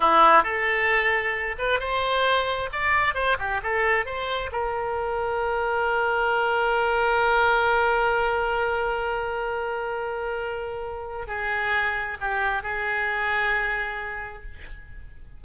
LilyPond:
\new Staff \with { instrumentName = "oboe" } { \time 4/4 \tempo 4 = 133 e'4 a'2~ a'8 b'8 | c''2 d''4 c''8 g'8 | a'4 c''4 ais'2~ | ais'1~ |
ais'1~ | ais'1~ | ais'4 gis'2 g'4 | gis'1 | }